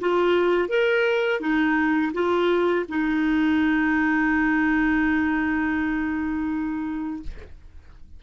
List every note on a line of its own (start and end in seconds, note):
0.00 0.69 F4
0.69 1.40 A#4
1.40 2.12 D#4
2.13 2.86 F4
2.88 7.22 D#4